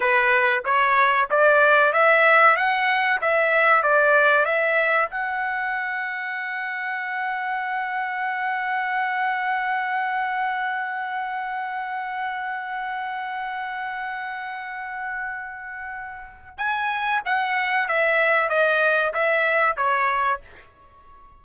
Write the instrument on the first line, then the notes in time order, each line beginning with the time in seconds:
trumpet
0.00 B4
0.64 C#5
1.30 D5
1.92 E5
2.56 F#5
3.21 E5
3.82 D5
4.45 E5
5.09 F#5
16.57 G#5
17.25 F#5
17.88 E5
18.49 D#5
19.13 E5
19.76 C#5